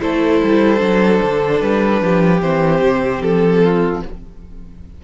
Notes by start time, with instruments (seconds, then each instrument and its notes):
0.00 cello A3, viola E4, violin A4 C5
0.43 cello G3
0.78 cello F#3, viola D4
1.22 cello D3
1.61 cello G3, violin B4
2.01 cello F3, violin G4
2.41 cello E3, viola C4, violin C5
2.82 cello C3
3.22 cello F3, violin A4
3.64 violin F4